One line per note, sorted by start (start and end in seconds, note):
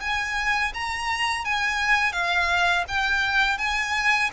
0.00 0.72 G#5
0.74 1.45 A#5
1.45 2.12 G#5
2.12 2.84 F5
2.88 3.58 G5
3.58 4.30 G#5